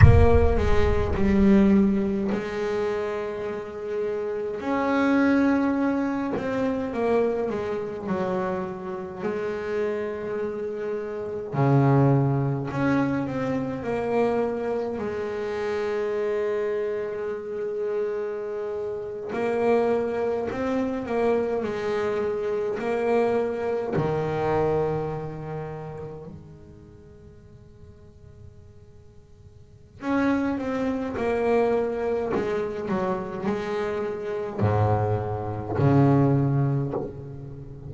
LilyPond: \new Staff \with { instrumentName = "double bass" } { \time 4/4 \tempo 4 = 52 ais8 gis8 g4 gis2 | cis'4. c'8 ais8 gis8 fis4 | gis2 cis4 cis'8 c'8 | ais4 gis2.~ |
gis8. ais4 c'8 ais8 gis4 ais16~ | ais8. dis2 gis4~ gis16~ | gis2 cis'8 c'8 ais4 | gis8 fis8 gis4 gis,4 cis4 | }